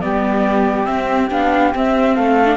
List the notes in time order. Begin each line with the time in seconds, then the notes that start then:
0.00 G3 B3 G4 D5
0.84 C4 E5
1.30 B3 D4 F5
1.74 C4 E5
2.15 A3 A4 F5
2.45 D4